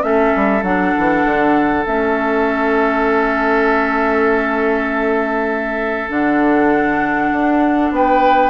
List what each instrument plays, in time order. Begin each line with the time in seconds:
0.00 bassoon A3, clarinet C#4, oboe A4, flute E5
0.35 bassoon G3
0.62 bassoon F#3, clarinet D4, flute F#5
0.97 bassoon E3
1.24 bassoon D3
1.85 bassoon A3, clarinet C#4, flute E5
6.08 bassoon D3, clarinet D4, flute F#5
7.31 bassoon D4
7.91 bassoon B3, oboe B4, flute G5